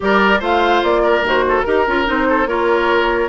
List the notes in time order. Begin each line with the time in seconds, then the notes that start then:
0.00 G3 G4 A#4 D5
0.39 A3 F4 C5 F5
0.83 A#3 D5
1.02 A#4
1.22 D#2 F#4 C5
1.48 A4
1.61 D#4 G4 A#4
1.87 C#4 F4
2.05 C4 D#4 C5
2.29 A4
2.45 A#3 F4 A#4 C#5